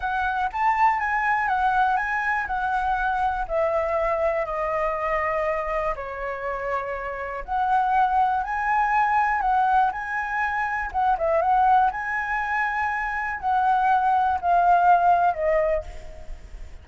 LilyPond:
\new Staff \with { instrumentName = "flute" } { \time 4/4 \tempo 4 = 121 fis''4 a''4 gis''4 fis''4 | gis''4 fis''2 e''4~ | e''4 dis''2. | cis''2. fis''4~ |
fis''4 gis''2 fis''4 | gis''2 fis''8 e''8 fis''4 | gis''2. fis''4~ | fis''4 f''2 dis''4 | }